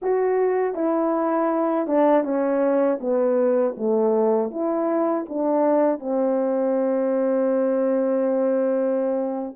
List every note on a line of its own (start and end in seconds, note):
0.02 0.74 F#4
0.74 1.87 E4
1.87 2.23 D4
2.23 2.98 C#4
3.00 3.75 B3
3.77 4.50 A3
4.50 5.25 E4
5.28 5.99 D4
5.99 9.55 C4